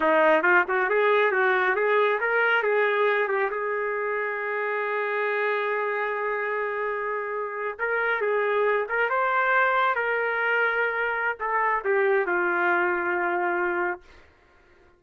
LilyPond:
\new Staff \with { instrumentName = "trumpet" } { \time 4/4 \tempo 4 = 137 dis'4 f'8 fis'8 gis'4 fis'4 | gis'4 ais'4 gis'4. g'8 | gis'1~ | gis'1~ |
gis'4.~ gis'16 ais'4 gis'4~ gis'16~ | gis'16 ais'8 c''2 ais'4~ ais'16~ | ais'2 a'4 g'4 | f'1 | }